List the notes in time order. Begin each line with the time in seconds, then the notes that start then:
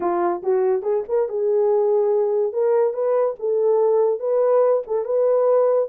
0.00 F4
0.43 F#4
0.82 G#4
1.08 A#4
1.28 G#4
2.52 A#4
2.93 B4
3.39 A4
4.19 B4
4.86 A4
5.04 B4